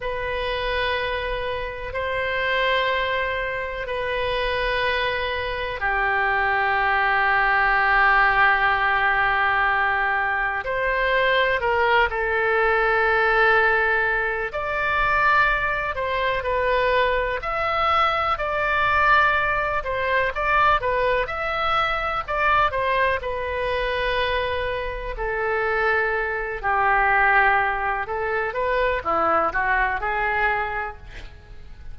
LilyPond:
\new Staff \with { instrumentName = "oboe" } { \time 4/4 \tempo 4 = 62 b'2 c''2 | b'2 g'2~ | g'2. c''4 | ais'8 a'2~ a'8 d''4~ |
d''8 c''8 b'4 e''4 d''4~ | d''8 c''8 d''8 b'8 e''4 d''8 c''8 | b'2 a'4. g'8~ | g'4 a'8 b'8 e'8 fis'8 gis'4 | }